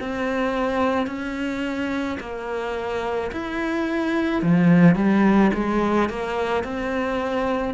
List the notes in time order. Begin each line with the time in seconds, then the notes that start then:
0.00 C4
1.07 C#4
2.20 A#3
3.32 E4
4.42 F3
4.95 G3
5.54 G#3
6.10 A#3
6.64 C4